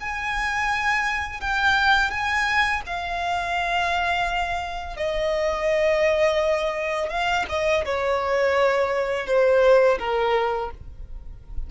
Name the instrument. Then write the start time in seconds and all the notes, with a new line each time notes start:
violin
0.00 G#5
1.40 G5
2.10 G#5
2.86 F5
4.96 D#5
7.09 F5
7.49 D#5
7.85 C#5
9.26 C5
9.99 A#4